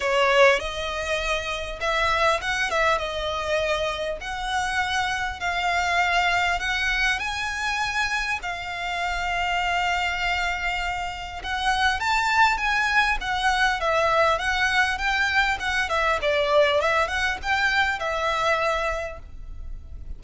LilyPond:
\new Staff \with { instrumentName = "violin" } { \time 4/4 \tempo 4 = 100 cis''4 dis''2 e''4 | fis''8 e''8 dis''2 fis''4~ | fis''4 f''2 fis''4 | gis''2 f''2~ |
f''2. fis''4 | a''4 gis''4 fis''4 e''4 | fis''4 g''4 fis''8 e''8 d''4 | e''8 fis''8 g''4 e''2 | }